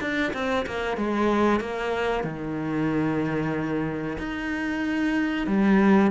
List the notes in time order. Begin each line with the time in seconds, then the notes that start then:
0.00 D4
0.33 C4
0.66 A#3
0.97 G#3
1.60 A#3
2.23 D#3
4.18 D#4
5.46 G3